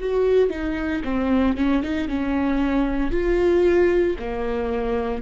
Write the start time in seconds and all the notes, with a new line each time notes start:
0.00 F#4
0.50 D#4
1.04 C4
1.57 C#4
1.82 D#4
2.08 C#4
3.11 F4
4.19 A#3